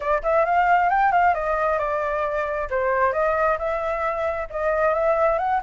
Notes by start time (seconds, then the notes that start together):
0.00 D5
0.23 E5
0.45 F5
0.89 G5
1.12 F5
1.34 D#5
1.78 D5
2.69 C5
3.13 D#5
3.58 E5
4.49 D#5
4.94 E5
5.38 F#5